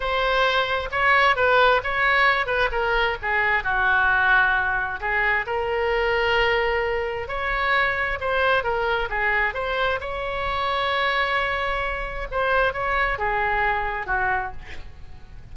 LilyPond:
\new Staff \with { instrumentName = "oboe" } { \time 4/4 \tempo 4 = 132 c''2 cis''4 b'4 | cis''4. b'8 ais'4 gis'4 | fis'2. gis'4 | ais'1 |
cis''2 c''4 ais'4 | gis'4 c''4 cis''2~ | cis''2. c''4 | cis''4 gis'2 fis'4 | }